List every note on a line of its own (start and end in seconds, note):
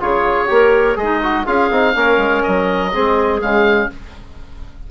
0.00 0.49 C#3
0.00 0.47 F4
0.00 0.49 G#4
0.00 0.98 C#5
0.47 0.96 A#3
0.47 0.95 G4
0.47 0.99 A#4
0.95 1.45 G#3
0.95 1.20 G#4
0.95 1.47 D#5
1.02 1.44 D#4
1.22 1.46 F#4
1.44 1.71 C#4
1.44 1.70 F4
1.44 1.93 G#4
1.44 2.43 F5
1.71 1.95 C4
1.71 1.94 D#4
1.94 2.17 A#3
1.94 2.92 C#4
1.94 2.92 A#4
2.17 2.42 G#3
2.43 2.95 F#3
2.43 3.40 D#5
2.92 3.42 G#3
2.92 3.41 C4
2.92 3.90 G#4
3.41 3.91 C#3
3.41 3.90 G#3
3.41 3.90 F5